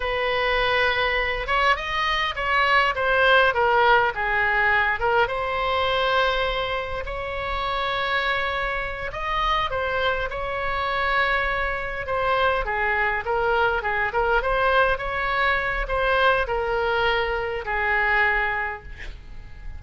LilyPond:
\new Staff \with { instrumentName = "oboe" } { \time 4/4 \tempo 4 = 102 b'2~ b'8 cis''8 dis''4 | cis''4 c''4 ais'4 gis'4~ | gis'8 ais'8 c''2. | cis''2.~ cis''8 dis''8~ |
dis''8 c''4 cis''2~ cis''8~ | cis''8 c''4 gis'4 ais'4 gis'8 | ais'8 c''4 cis''4. c''4 | ais'2 gis'2 | }